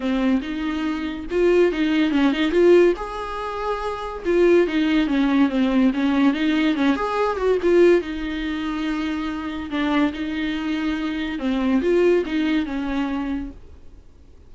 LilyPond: \new Staff \with { instrumentName = "viola" } { \time 4/4 \tempo 4 = 142 c'4 dis'2 f'4 | dis'4 cis'8 dis'8 f'4 gis'4~ | gis'2 f'4 dis'4 | cis'4 c'4 cis'4 dis'4 |
cis'8 gis'4 fis'8 f'4 dis'4~ | dis'2. d'4 | dis'2. c'4 | f'4 dis'4 cis'2 | }